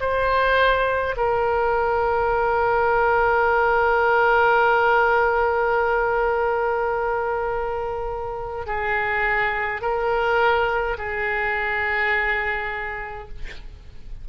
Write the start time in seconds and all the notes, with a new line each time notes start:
0.00 C5
1.16 A#4
8.66 G#4
9.81 A#4
10.98 G#4